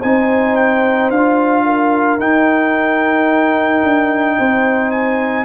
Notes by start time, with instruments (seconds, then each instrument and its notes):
0.00 tuba C4, trombone D#4, horn C5, trumpet G#5
0.56 trumpet G5
1.10 tuba D4, trombone F4, trumpet F5
1.66 horn A#4
2.19 tuba D#4, trombone D#4, trumpet G5
3.84 tuba D4
4.38 tuba C4, horn C5
4.91 trumpet G#5